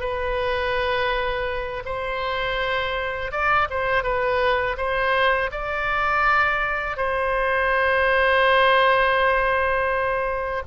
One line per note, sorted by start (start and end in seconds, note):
0.00 1.83 B4
1.85 3.31 C5
3.31 3.68 D5
3.70 4.03 C5
4.03 4.76 B4
4.77 5.50 C5
5.51 6.96 D5
6.96 10.62 C5